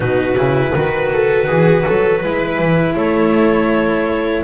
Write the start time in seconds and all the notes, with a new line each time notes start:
0.00 B2 D#4 F#4 B4
0.36 C#3 E4
0.73 D#3 F#4 B4
1.13 A4
1.46 E3 G#4
1.85 F#3 A4
2.20 G#3 E4 B4
2.58 E3
2.95 A3 A4 C#5